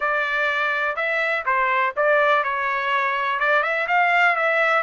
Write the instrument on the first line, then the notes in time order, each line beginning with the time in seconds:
trumpet
0.00 D5
0.96 E5
1.45 C5
1.96 D5
2.43 C#5
3.39 D5
3.62 E5
3.87 F5
4.35 E5